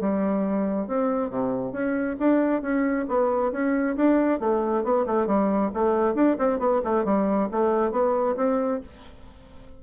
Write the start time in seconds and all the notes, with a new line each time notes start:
0.00 G3
0.87 C4
1.29 C3
1.72 C#4
2.19 D4
2.61 C#4
3.08 B3
3.51 C#4
3.96 D4
4.40 A3
4.83 B3
5.06 A3
5.26 G3
5.73 A3
6.14 D4
6.38 C4
6.59 B3
6.84 A3
7.04 G3
7.51 A3
7.91 B3
8.36 C4